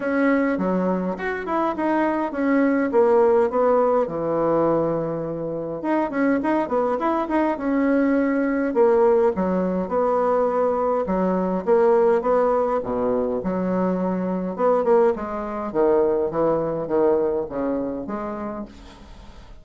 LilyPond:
\new Staff \with { instrumentName = "bassoon" } { \time 4/4 \tempo 4 = 103 cis'4 fis4 fis'8 e'8 dis'4 | cis'4 ais4 b4 e4~ | e2 dis'8 cis'8 dis'8 b8 | e'8 dis'8 cis'2 ais4 |
fis4 b2 fis4 | ais4 b4 b,4 fis4~ | fis4 b8 ais8 gis4 dis4 | e4 dis4 cis4 gis4 | }